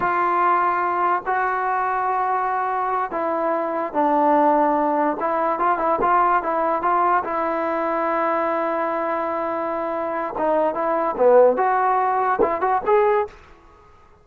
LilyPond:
\new Staff \with { instrumentName = "trombone" } { \time 4/4 \tempo 4 = 145 f'2. fis'4~ | fis'2.~ fis'8 e'8~ | e'4. d'2~ d'8~ | d'8 e'4 f'8 e'8 f'4 e'8~ |
e'8 f'4 e'2~ e'8~ | e'1~ | e'4 dis'4 e'4 b4 | fis'2 e'8 fis'8 gis'4 | }